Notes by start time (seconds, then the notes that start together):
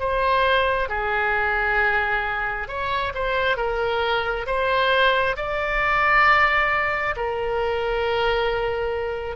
0.00 C5
0.89 G#4
2.68 C#5
3.15 C5
3.57 A#4
4.47 C5
5.36 D5
7.17 A#4